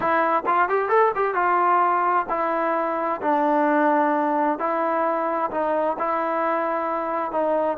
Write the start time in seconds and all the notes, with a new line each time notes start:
0.00 E4
0.45 F4
0.68 G4
0.88 A4
1.15 G4
1.34 F4
2.29 E4
3.21 D4
4.59 E4
5.51 D#4
5.98 E4
7.31 D#4